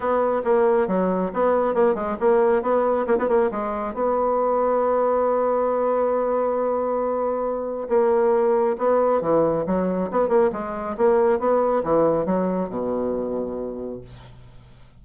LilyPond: \new Staff \with { instrumentName = "bassoon" } { \time 4/4 \tempo 4 = 137 b4 ais4 fis4 b4 | ais8 gis8 ais4 b4 ais16 b16 ais8 | gis4 b2.~ | b1~ |
b2 ais2 | b4 e4 fis4 b8 ais8 | gis4 ais4 b4 e4 | fis4 b,2. | }